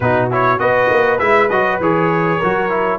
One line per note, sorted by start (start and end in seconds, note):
0.00 0.59 B2
0.00 0.30 D#4
0.00 0.60 F#4
0.00 0.29 B4
0.30 0.58 E4
0.30 0.59 C#5
0.58 0.90 B3
0.58 1.18 F#4
0.58 2.38 B4
0.58 1.19 D#5
0.90 1.20 A#3
1.19 1.50 G#3
1.19 1.50 E4
1.19 1.49 E5
1.49 1.79 F#3
1.49 1.81 F#4
1.49 1.79 D#5
1.80 2.40 E3
1.80 2.42 G#4
1.80 2.98 C#5
2.38 2.98 F#3
2.38 2.69 F#4
2.38 2.98 A#4
2.69 2.98 E4